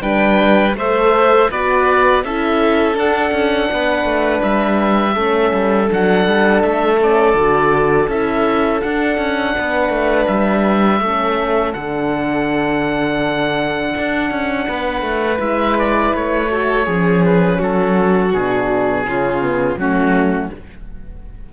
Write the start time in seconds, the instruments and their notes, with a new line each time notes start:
0.00 cello G3, horn D4, violin B4, oboe G5
0.74 cello A3, horn A4, violin C5, oboe E5
1.51 cello B3, horn F#4, violin B4, oboe D5
2.24 cello C#4, horn E4, violin A4, oboe E5
2.94 horn D4, cello D4, oboe F#5
3.31 cello C#4
3.72 cello B3, violin B4
4.05 cello A3
4.43 cello G3, oboe E5
5.14 cello A3, horn C#4, violin A4
5.53 cello G3
5.89 cello F#3, horn D4, oboe F#5
6.27 cello G3
6.62 cello A3, oboe E5
6.99 horn C#4, oboe D5
7.34 cello D3, horn F#4
8.08 cello C#4, horn E4, oboe E5
8.82 horn D4, cello D4, oboe F#5
9.18 cello C#4
9.58 cello B3, violin B4
9.89 cello A3
10.27 cello G3, oboe E5
11.01 cello A3, horn C#4, violin A4
11.73 cello D3, horn D4, oboe F#5
13.98 cello D4
14.31 cello C#4
14.68 cello B3, violin B4
15.02 cello A3
15.38 cello G#3, horn E4, oboe E5
15.79 oboe D5
16.14 cello A3, oboe C#5
16.49 horn F#4, violin A4
16.86 cello F3, horn C#4, violin G#4
17.25 oboe B4
17.59 cello F#3, violin F#4, oboe A4
18.33 cello B2, horn D4, oboe G#4
19.06 cello C#3, horn C#4, violin F4
19.41 horn B3
19.76 cello F#3, horn A3, violin C#4, oboe F#4